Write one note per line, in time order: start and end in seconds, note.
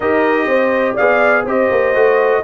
0.00 0.46 D#4
0.00 0.98 G4
0.00 0.47 A#4
0.00 0.96 D#5
0.46 0.95 C4
0.46 0.93 C5
0.93 1.46 G#4
0.93 1.42 D5
0.93 1.45 F5
0.99 1.45 B3
1.45 1.70 C4
1.45 1.94 G4
1.45 2.43 C5
1.45 2.44 D#5
1.70 1.95 A#3
1.94 2.43 A3
1.94 2.43 F#4